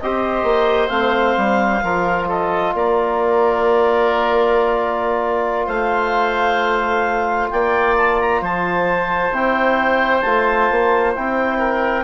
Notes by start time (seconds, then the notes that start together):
0.00 C4 G4 C5 D#5
0.43 A#3
0.88 A3 C4 F5
1.36 G3
1.80 F3 F4 A#4
2.27 A4 D#5
2.73 A#3 A#4 D5
5.66 A3 C5 F5
7.49 A#3 D5 G5
7.96 A5
8.20 A#5
8.41 F3 C5 A5
9.31 C4 E4 G5
10.21 A3 F4 A5
10.70 A#3
11.15 C4 E4 G5
11.58 A#4